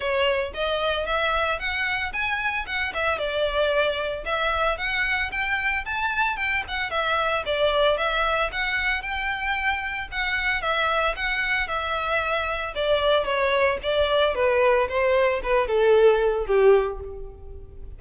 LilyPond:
\new Staff \with { instrumentName = "violin" } { \time 4/4 \tempo 4 = 113 cis''4 dis''4 e''4 fis''4 | gis''4 fis''8 e''8 d''2 | e''4 fis''4 g''4 a''4 | g''8 fis''8 e''4 d''4 e''4 |
fis''4 g''2 fis''4 | e''4 fis''4 e''2 | d''4 cis''4 d''4 b'4 | c''4 b'8 a'4. g'4 | }